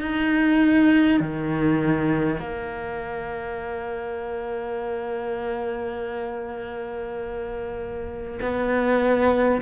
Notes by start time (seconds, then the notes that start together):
0.00 D#4
1.19 D#3
2.39 A#3
8.41 B3